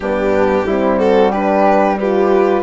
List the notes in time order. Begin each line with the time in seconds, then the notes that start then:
0.00 G2 B3 D4 G4
0.66 G3 C4 E4
0.98 F#4 A4
1.31 D4 G4 B4
1.98 F4 G4 B4